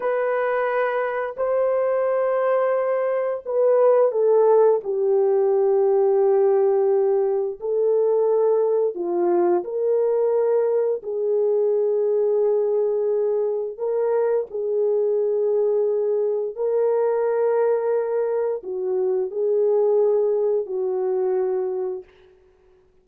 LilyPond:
\new Staff \with { instrumentName = "horn" } { \time 4/4 \tempo 4 = 87 b'2 c''2~ | c''4 b'4 a'4 g'4~ | g'2. a'4~ | a'4 f'4 ais'2 |
gis'1 | ais'4 gis'2. | ais'2. fis'4 | gis'2 fis'2 | }